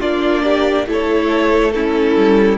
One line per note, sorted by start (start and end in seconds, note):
0.00 0.86 A#3
0.00 0.86 D4
0.00 0.43 F4
0.00 0.86 D5
0.43 0.86 G4
0.86 2.15 A3
0.86 1.72 E4
0.86 1.74 A4
0.86 1.72 C#5
1.72 2.58 C#4
1.72 2.58 E4
1.72 2.57 A4
2.16 2.58 G3